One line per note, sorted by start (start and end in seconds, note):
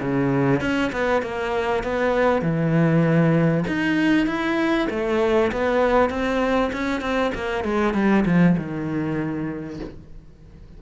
0.00 0.60 C#3
0.60 0.91 C#4
0.92 1.22 B3
1.22 1.83 A#3
1.83 2.42 B3
2.42 3.64 E3
3.67 4.26 D#4
4.26 4.87 E4
4.90 5.51 A3
5.51 6.09 B3
6.09 6.71 C4
6.72 7.01 C#4
7.01 7.31 C4
7.34 7.64 A#3
7.64 7.93 G#3
7.93 8.24 G3
8.25 8.56 F3
8.57 9.80 D#3